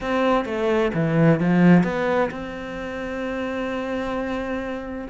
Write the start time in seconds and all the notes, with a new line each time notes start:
0.00 C4
0.45 A3
0.94 E3
1.40 F3
1.83 B3
2.30 C4